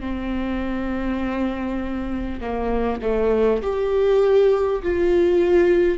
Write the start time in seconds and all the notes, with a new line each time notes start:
0.00 C4
2.40 A#3
3.01 A3
3.62 G4
4.82 F4